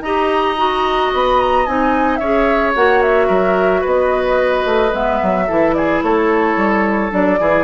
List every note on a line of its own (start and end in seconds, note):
0.00 1.09 D#4
0.00 0.56 G4
0.00 2.19 D#5
0.00 1.11 A#5
0.56 1.65 F#4
1.13 1.67 B3
1.13 1.40 B5
1.40 1.65 A#5
1.65 2.19 C4
1.65 2.21 D#4
1.65 2.16 G#5
2.16 2.74 C#4
2.16 2.75 G#4
2.16 3.27 C#5
2.16 2.71 E5
2.75 3.28 A#3
2.75 4.91 F#4
2.75 3.02 F#5
3.02 3.84 E5
3.27 3.83 F#3
3.27 3.81 A#4
3.81 4.65 B3
3.81 5.44 B4
3.81 4.94 D#5
4.65 4.92 A3
4.91 5.20 G#3
4.91 5.46 B3
4.91 5.73 E5
5.22 5.49 F#3
5.47 6.02 E3
5.47 7.11 E4
5.47 5.74 A4
5.73 6.04 G#4
5.73 6.00 D5
6.02 6.56 A3
6.02 7.40 A4
6.02 7.12 C#5
6.56 7.11 G3
7.11 7.40 F#3
7.11 7.38 D4
7.11 7.64 D5
7.39 7.64 E3
7.39 7.64 E4
7.39 7.64 G#4